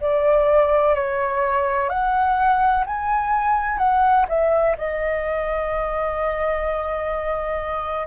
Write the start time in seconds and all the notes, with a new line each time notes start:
0.00 D5
0.95 C#5
1.89 F#5
2.86 G#5
3.78 F#5
4.28 E5
4.77 D#5